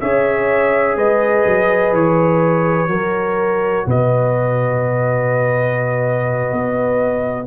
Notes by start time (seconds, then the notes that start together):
0.00 C#4 G#4 C#5 E5
0.96 G#3 B4 D#5
1.45 F#3
1.92 E3 C#5
2.86 F#3 F#4 A#4
3.86 B2 B4 D#5
6.52 B3